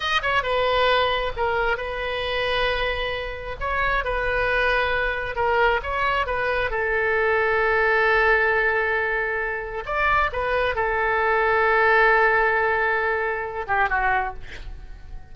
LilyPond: \new Staff \with { instrumentName = "oboe" } { \time 4/4 \tempo 4 = 134 dis''8 cis''8 b'2 ais'4 | b'1 | cis''4 b'2. | ais'4 cis''4 b'4 a'4~ |
a'1~ | a'2 d''4 b'4 | a'1~ | a'2~ a'8 g'8 fis'4 | }